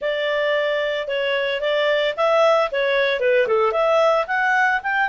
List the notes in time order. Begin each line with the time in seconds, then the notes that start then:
0.01 D5
1.07 C#5
1.60 D5
2.16 E5
2.71 C#5
3.20 B4
3.47 A4
3.72 E5
4.27 F#5
4.82 G5